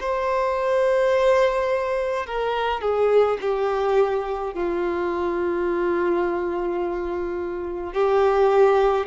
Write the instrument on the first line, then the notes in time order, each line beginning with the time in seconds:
violin
0.00 C5
2.26 A#4
2.80 G#4
3.41 G4
4.53 F4
7.93 G4